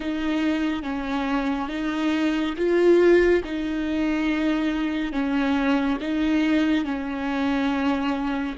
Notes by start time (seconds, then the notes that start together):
0.00 D#4
0.83 C#4
1.68 D#4
2.57 F4
3.44 D#4
5.12 C#4
6.00 D#4
6.84 C#4